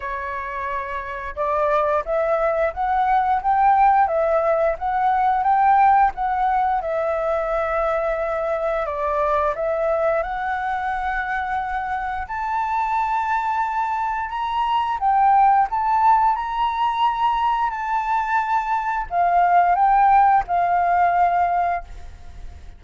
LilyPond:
\new Staff \with { instrumentName = "flute" } { \time 4/4 \tempo 4 = 88 cis''2 d''4 e''4 | fis''4 g''4 e''4 fis''4 | g''4 fis''4 e''2~ | e''4 d''4 e''4 fis''4~ |
fis''2 a''2~ | a''4 ais''4 g''4 a''4 | ais''2 a''2 | f''4 g''4 f''2 | }